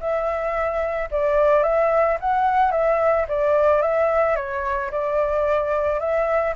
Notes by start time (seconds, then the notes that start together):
0.00 E5
1.12 D5
1.63 E5
2.20 F#5
2.72 E5
3.29 D5
3.82 E5
4.36 C#5
4.91 D5
6.00 E5